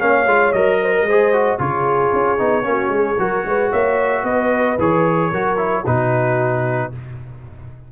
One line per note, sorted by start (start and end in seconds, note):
0.00 0.26 A#3
0.00 0.27 C#4
0.00 0.81 C#5
0.00 0.53 F5
0.26 0.53 G#3
0.26 0.54 F4
0.53 1.02 F#3
0.53 1.08 A#4
0.53 1.59 D#5
0.82 0.95 C5
0.96 1.07 A#4
1.02 1.56 G#3
1.02 1.60 C5
1.10 1.33 G#4
1.33 1.59 F#4
1.59 2.13 C#3
1.59 2.38 F4
1.59 2.67 G#4
1.59 3.72 C#5
2.13 2.40 C#4
2.39 2.66 B3
2.39 2.64 D#4
2.64 2.89 A#3
2.64 3.17 C#4
2.64 2.95 F#4
2.89 3.16 G#3
2.89 3.20 G#4
3.19 3.45 F#3
3.19 4.79 F#4
3.19 3.47 A#4
3.46 3.72 G#3
3.46 3.71 B4
3.71 4.24 A#3
3.71 4.24 C#5
3.71 4.25 E5
4.24 4.77 B3
4.24 5.31 B4
4.24 4.79 D#5
4.79 5.32 E3
4.79 5.33 G#4
4.79 5.86 C#5
5.31 5.85 F#3
5.31 5.58 F#4
5.31 5.84 A#4
5.58 5.84 E4
5.85 6.92 B2
5.85 6.93 D#4
5.85 6.91 F#4
5.85 6.92 B4